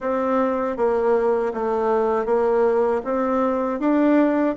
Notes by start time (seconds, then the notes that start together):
0.00 C4
0.76 A#3
1.53 A3
2.25 A#3
3.04 C4
3.79 D4